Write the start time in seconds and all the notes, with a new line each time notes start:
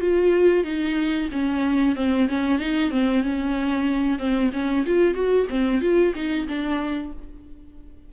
0.00 F4
0.64 D#4
1.32 C#4
1.95 C4
2.28 C#4
2.59 D#4
2.90 C4
3.23 C#4
4.18 C4
4.52 C#4
4.86 F4
5.14 F#4
5.49 C4
5.81 F4
6.15 D#4
6.48 D4